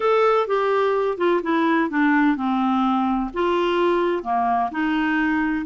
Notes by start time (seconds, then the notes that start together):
0.00 A4
0.47 G4
1.17 F4
1.42 E4
1.90 D4
2.36 C4
3.33 F4
4.23 A#3
4.71 D#4